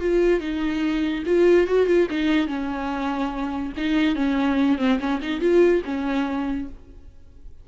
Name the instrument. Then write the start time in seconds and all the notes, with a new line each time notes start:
viola
0.00 F4
0.40 D#4
1.26 F4
1.66 F#4
1.86 F4
2.10 D#4
2.47 C#4
3.77 D#4
4.15 C#4
4.78 C4
5.00 C#4
5.21 D#4
5.40 F4
5.85 C#4